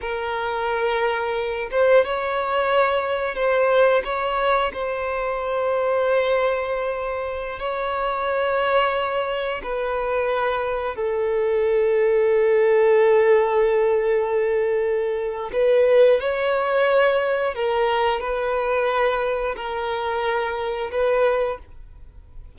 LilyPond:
\new Staff \with { instrumentName = "violin" } { \time 4/4 \tempo 4 = 89 ais'2~ ais'8 c''8 cis''4~ | cis''4 c''4 cis''4 c''4~ | c''2.~ c''16 cis''8.~ | cis''2~ cis''16 b'4.~ b'16~ |
b'16 a'2.~ a'8.~ | a'2. b'4 | cis''2 ais'4 b'4~ | b'4 ais'2 b'4 | }